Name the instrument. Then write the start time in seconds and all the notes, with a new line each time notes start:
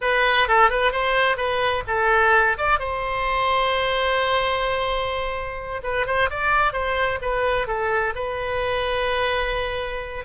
oboe
0.01 B4
0.48 A4
0.70 B4
0.92 C5
1.36 B4
1.87 A4
2.57 D5
2.79 C5
5.83 B4
6.06 C5
6.30 D5
6.72 C5
7.21 B4
7.67 A4
8.15 B4